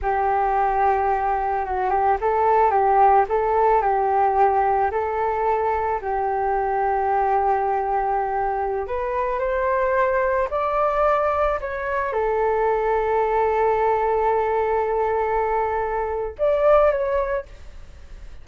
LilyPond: \new Staff \with { instrumentName = "flute" } { \time 4/4 \tempo 4 = 110 g'2. fis'8 g'8 | a'4 g'4 a'4 g'4~ | g'4 a'2 g'4~ | g'1~ |
g'16 b'4 c''2 d''8.~ | d''4~ d''16 cis''4 a'4.~ a'16~ | a'1~ | a'2 d''4 cis''4 | }